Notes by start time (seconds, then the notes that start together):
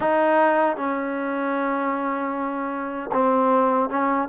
0.00 D#4
0.76 C#4
3.12 C4
3.89 C#4